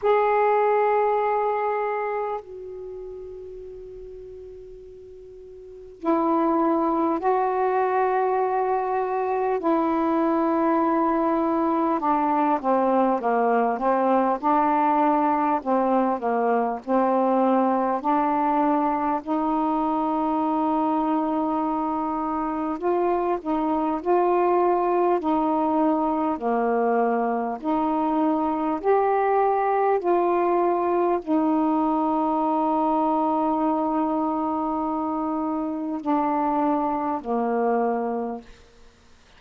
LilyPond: \new Staff \with { instrumentName = "saxophone" } { \time 4/4 \tempo 4 = 50 gis'2 fis'2~ | fis'4 e'4 fis'2 | e'2 d'8 c'8 ais8 c'8 | d'4 c'8 ais8 c'4 d'4 |
dis'2. f'8 dis'8 | f'4 dis'4 ais4 dis'4 | g'4 f'4 dis'2~ | dis'2 d'4 ais4 | }